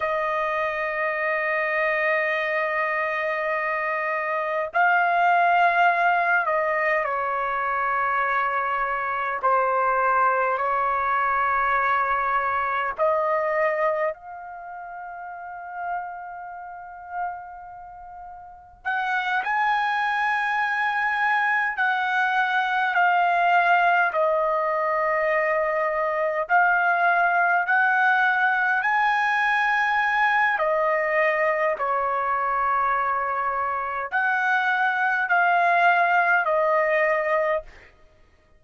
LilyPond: \new Staff \with { instrumentName = "trumpet" } { \time 4/4 \tempo 4 = 51 dis''1 | f''4. dis''8 cis''2 | c''4 cis''2 dis''4 | f''1 |
fis''8 gis''2 fis''4 f''8~ | f''8 dis''2 f''4 fis''8~ | fis''8 gis''4. dis''4 cis''4~ | cis''4 fis''4 f''4 dis''4 | }